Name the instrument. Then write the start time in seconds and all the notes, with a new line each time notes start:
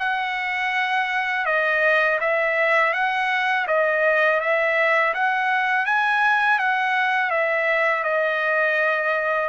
trumpet
0.00 F#5
1.46 D#5
2.21 E5
2.94 F#5
3.68 D#5
4.41 E5
5.15 F#5
5.86 G#5
6.59 F#5
7.31 E5
8.04 D#5